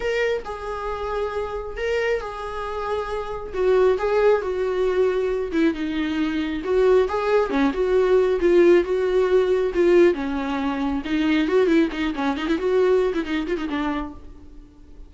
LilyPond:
\new Staff \with { instrumentName = "viola" } { \time 4/4 \tempo 4 = 136 ais'4 gis'2. | ais'4 gis'2. | fis'4 gis'4 fis'2~ | fis'8 e'8 dis'2 fis'4 |
gis'4 cis'8 fis'4. f'4 | fis'2 f'4 cis'4~ | cis'4 dis'4 fis'8 e'8 dis'8 cis'8 | dis'16 e'16 fis'4~ fis'16 e'16 dis'8 f'16 dis'16 d'4 | }